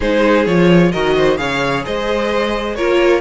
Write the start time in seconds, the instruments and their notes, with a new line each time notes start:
0.00 cello G#3, viola D#4, violin G#4 C5
0.45 cello F3, viola F4, violin C#5
0.91 cello D#3, viola F#4, violin A#4 D#5
1.16 violin C5
1.37 cello C#3, viola G#4, violin C#5 F5
1.85 cello G#3, violin C5 D#5
2.75 cello A#3, viola F4, violin A#4 C#5